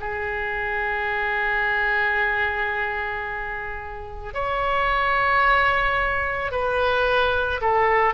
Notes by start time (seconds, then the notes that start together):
0.00 G#4
4.34 C#5
6.52 B4
7.61 A4